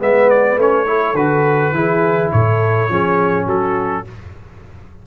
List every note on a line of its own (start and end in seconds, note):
0.00 0.57 G#3
0.00 0.58 B3
0.00 0.88 B4
0.00 0.30 E5
0.30 0.59 D5
0.57 1.14 A3
0.57 0.86 C#4
0.57 1.16 C#5
0.86 1.15 E4
0.86 1.75 A4
1.14 1.72 D3
1.14 1.75 F#4
1.14 2.31 B4
1.72 2.30 E3
1.72 2.90 E4
1.72 2.33 G#4
2.32 2.89 A2
2.32 2.91 A4
2.32 3.47 C#5
2.89 3.47 F3
2.89 4.05 C#4
2.89 3.46 G#4
3.46 4.05 F#3
3.46 4.03 F#4
3.46 4.07 A4